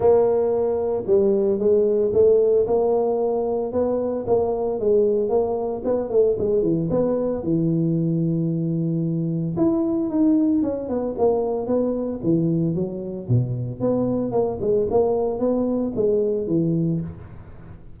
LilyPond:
\new Staff \with { instrumentName = "tuba" } { \time 4/4 \tempo 4 = 113 ais2 g4 gis4 | a4 ais2 b4 | ais4 gis4 ais4 b8 a8 | gis8 e8 b4 e2~ |
e2 e'4 dis'4 | cis'8 b8 ais4 b4 e4 | fis4 b,4 b4 ais8 gis8 | ais4 b4 gis4 e4 | }